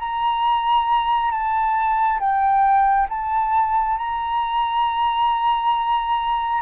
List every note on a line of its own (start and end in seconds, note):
0.00 1.32 A#5
1.32 2.20 A5
2.20 3.08 G5
3.10 3.98 A5
3.98 6.62 A#5